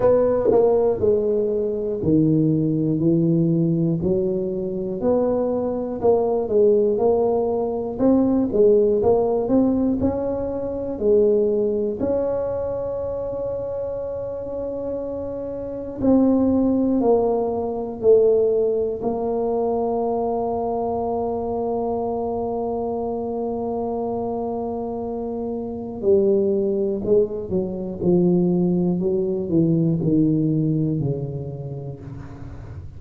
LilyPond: \new Staff \with { instrumentName = "tuba" } { \time 4/4 \tempo 4 = 60 b8 ais8 gis4 dis4 e4 | fis4 b4 ais8 gis8 ais4 | c'8 gis8 ais8 c'8 cis'4 gis4 | cis'1 |
c'4 ais4 a4 ais4~ | ais1~ | ais2 g4 gis8 fis8 | f4 fis8 e8 dis4 cis4 | }